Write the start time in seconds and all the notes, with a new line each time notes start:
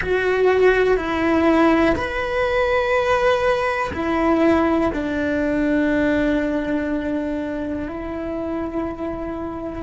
0.01 F#4
0.97 E4
1.95 B4
3.93 E4
4.93 D4
7.87 E4